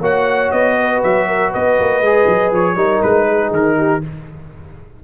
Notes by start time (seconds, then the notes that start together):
0.00 A#3 F#4 C#5 F#5
0.51 B3 D#5
0.79 B4
1.03 F#3 E5
1.27 A#4
1.49 B3 B4 D#5
1.80 A#3
2.00 G#3 G#4
2.27 F#3
2.51 F3 C#5
2.75 G3 D#4 A#4
3.02 G#3 B4
3.27 G#4
3.50 D#3 A#4
3.77 G4